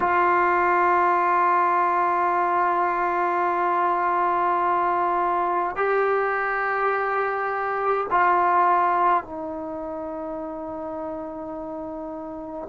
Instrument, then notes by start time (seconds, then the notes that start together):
trombone
0.00 F4
5.76 G4
8.10 F4
9.23 D#4